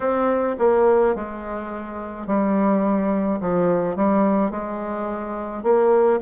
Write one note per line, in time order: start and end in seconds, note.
0.00 0.56 C4
0.59 1.15 A#3
1.15 2.26 G#3
2.26 3.40 G3
3.40 3.96 F3
3.96 4.50 G3
4.50 5.63 G#3
5.63 6.20 A#3